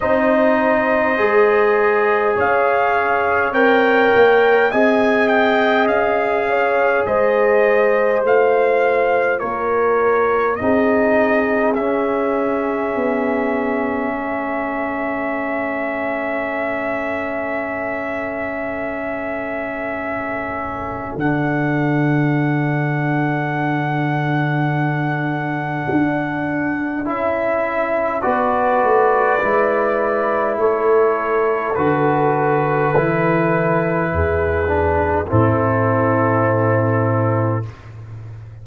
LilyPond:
<<
  \new Staff \with { instrumentName = "trumpet" } { \time 4/4 \tempo 4 = 51 dis''2 f''4 g''4 | gis''8 g''8 f''4 dis''4 f''4 | cis''4 dis''4 e''2~ | e''1~ |
e''2 fis''2~ | fis''2. e''4 | d''2 cis''4 b'4~ | b'2 a'2 | }
  \new Staff \with { instrumentName = "horn" } { \time 4/4 c''2 cis''2 | dis''4. cis''8 c''2 | ais'4 gis'2. | a'1~ |
a'1~ | a'1 | b'2 a'2~ | a'4 gis'4 e'2 | }
  \new Staff \with { instrumentName = "trombone" } { \time 4/4 dis'4 gis'2 ais'4 | gis'2. f'4~ | f'4 dis'4 cis'2~ | cis'1~ |
cis'2 d'2~ | d'2. e'4 | fis'4 e'2 fis'4 | e'4. d'8 c'2 | }
  \new Staff \with { instrumentName = "tuba" } { \time 4/4 c'4 gis4 cis'4 c'8 ais8 | c'4 cis'4 gis4 a4 | ais4 c'4 cis'4 b4 | a1~ |
a2 d2~ | d2 d'4 cis'4 | b8 a8 gis4 a4 d4 | e4 e,4 a,2 | }
>>